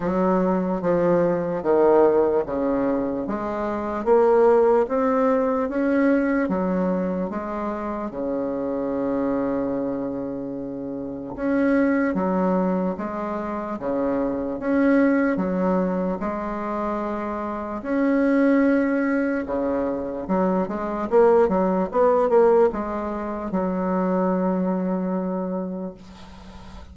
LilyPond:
\new Staff \with { instrumentName = "bassoon" } { \time 4/4 \tempo 4 = 74 fis4 f4 dis4 cis4 | gis4 ais4 c'4 cis'4 | fis4 gis4 cis2~ | cis2 cis'4 fis4 |
gis4 cis4 cis'4 fis4 | gis2 cis'2 | cis4 fis8 gis8 ais8 fis8 b8 ais8 | gis4 fis2. | }